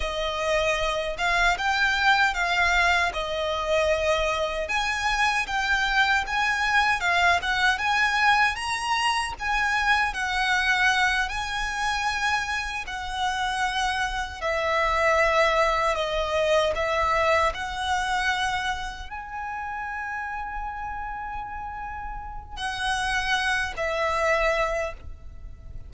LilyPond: \new Staff \with { instrumentName = "violin" } { \time 4/4 \tempo 4 = 77 dis''4. f''8 g''4 f''4 | dis''2 gis''4 g''4 | gis''4 f''8 fis''8 gis''4 ais''4 | gis''4 fis''4. gis''4.~ |
gis''8 fis''2 e''4.~ | e''8 dis''4 e''4 fis''4.~ | fis''8 gis''2.~ gis''8~ | gis''4 fis''4. e''4. | }